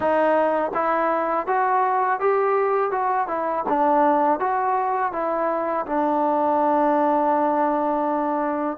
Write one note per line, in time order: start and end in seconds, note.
0.00 0.72 D#4
0.74 1.46 E4
1.46 2.20 F#4
2.20 2.91 G4
2.91 3.27 F#4
3.27 3.64 E4
3.68 4.39 D4
4.39 5.12 F#4
5.12 5.85 E4
5.86 8.77 D4